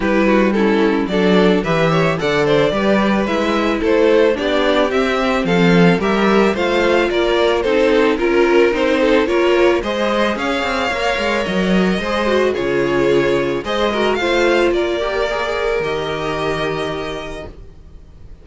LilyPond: <<
  \new Staff \with { instrumentName = "violin" } { \time 4/4 \tempo 4 = 110 b'4 a'4 d''4 e''4 | fis''8 d''4. e''4 c''4 | d''4 e''4 f''4 e''4 | f''4 d''4 c''4 ais'4 |
c''4 cis''4 dis''4 f''4~ | f''4 dis''2 cis''4~ | cis''4 dis''4 f''4 d''4~ | d''4 dis''2. | }
  \new Staff \with { instrumentName = "violin" } { \time 4/4 g'8 fis'8 e'4 a'4 b'8 cis''8 | d''8 c''8 b'2 a'4 | g'2 a'4 ais'4 | c''4 ais'4 a'4 ais'4~ |
ais'8 a'8 ais'4 c''4 cis''4~ | cis''2 c''4 gis'4~ | gis'4 c''8 ais'8 c''4 ais'4~ | ais'1 | }
  \new Staff \with { instrumentName = "viola" } { \time 4/4 e'4 cis'4 d'4 g'4 | a'4 g'4 e'2 | d'4 c'2 g'4 | f'2 dis'4 f'4 |
dis'4 f'4 gis'2 | ais'2 gis'8 fis'8 f'4~ | f'4 gis'8 fis'8 f'4. g'8 | gis'4 g'2. | }
  \new Staff \with { instrumentName = "cello" } { \time 4/4 g2 fis4 e4 | d4 g4 gis4 a4 | b4 c'4 f4 g4 | a4 ais4 c'4 cis'4 |
c'4 ais4 gis4 cis'8 c'8 | ais8 gis8 fis4 gis4 cis4~ | cis4 gis4 a4 ais4~ | ais4 dis2. | }
>>